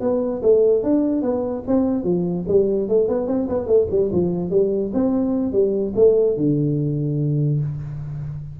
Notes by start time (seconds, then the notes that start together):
0.00 B3
0.42 A3
0.83 D4
1.22 B3
1.67 C4
2.03 F3
2.47 G3
2.88 A3
3.08 B3
3.27 C4
3.49 B3
3.66 A3
3.90 G3
4.12 F3
4.50 G3
4.94 C4
5.52 G3
5.95 A3
6.36 D3